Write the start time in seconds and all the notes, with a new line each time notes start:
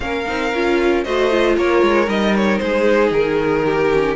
0.00 A#3 C#4 A#4 F5
0.26 C4 D#4
0.53 C#4 F4
1.03 A3 F#4 C5 D#5
1.30 F4
1.56 A#3 A#4 C#5
1.82 G#3
2.06 G3 D#4 D#5
2.35 C#5
2.58 G#3 G#4 C5
3.11 D#3 A#4
3.65 G4
3.92 C#4